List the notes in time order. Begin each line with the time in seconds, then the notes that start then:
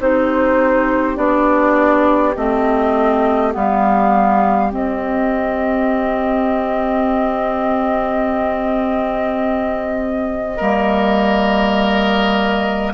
0.00 C4 D#4 G4 C5
1.15 B3 D4 D5
2.35 A3 C4 D#5
3.52 G3 B3 F5
4.70 C4 D#5
10.57 G3 A#3 A#4